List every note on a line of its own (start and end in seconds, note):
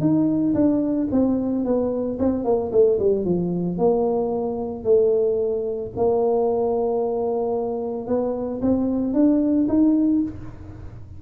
0.00 0.54 D#4
0.54 1.08 D4
1.11 1.65 C4
1.65 2.18 B3
2.19 2.44 C4
2.44 2.71 A#3
2.72 2.98 A3
2.99 3.24 G3
3.24 3.77 F3
3.77 4.84 A#3
4.84 5.91 A3
5.96 8.07 A#3
8.07 8.60 B3
8.61 9.13 C4
9.13 9.67 D4
9.68 10.22 D#4